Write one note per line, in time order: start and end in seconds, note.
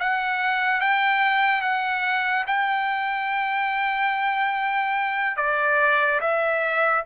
0.00 0.81 F#5
0.81 1.62 G5
1.62 2.45 F#5
2.47 5.37 G5
5.37 6.20 D5
6.21 7.04 E5